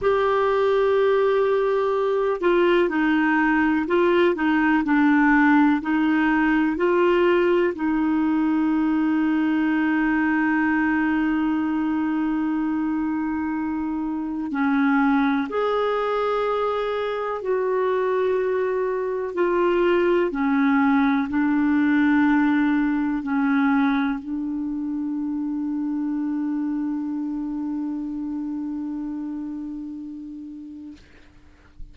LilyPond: \new Staff \with { instrumentName = "clarinet" } { \time 4/4 \tempo 4 = 62 g'2~ g'8 f'8 dis'4 | f'8 dis'8 d'4 dis'4 f'4 | dis'1~ | dis'2. cis'4 |
gis'2 fis'2 | f'4 cis'4 d'2 | cis'4 d'2.~ | d'1 | }